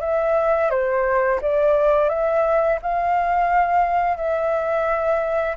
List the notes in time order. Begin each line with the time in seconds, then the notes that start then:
0.00 E5
0.70 C5
1.41 D5
2.09 E5
2.81 F5
4.16 E5